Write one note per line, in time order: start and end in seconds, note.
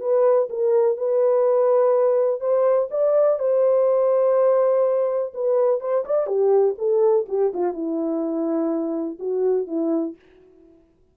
0.00 0.48 B4
0.49 0.97 A#4
0.97 2.40 B4
2.40 2.89 C5
2.91 3.39 D5
3.39 5.33 C5
5.34 5.80 B4
5.80 6.04 C5
6.05 6.27 D5
6.27 6.75 G4
6.78 7.26 A4
7.28 7.52 G4
7.54 7.73 F4
7.73 9.18 E4
9.19 9.67 F#4
9.67 10.15 E4